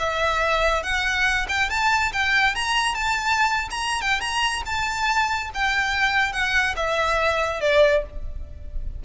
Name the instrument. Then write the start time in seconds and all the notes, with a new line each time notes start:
violin
0.00 E5
0.84 F#5
1.49 G5
1.70 A5
2.13 G5
2.56 A#5
2.95 A5
3.71 A#5
4.02 G5
4.21 A#5
4.66 A5
5.54 G5
6.33 F#5
6.76 E5
7.61 D5